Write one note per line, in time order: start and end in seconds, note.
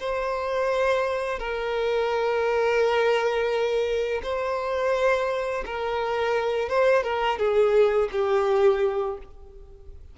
0.00 1.40 C5
1.40 4.22 A#4
4.24 5.65 C5
5.66 6.70 A#4
6.70 7.04 C5
7.04 7.39 A#4
7.39 8.10 G#4
8.12 9.18 G4